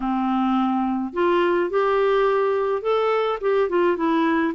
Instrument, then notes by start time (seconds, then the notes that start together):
clarinet
0.00 C4
1.13 F4
1.70 G4
2.82 A4
3.41 G4
3.69 F4
3.96 E4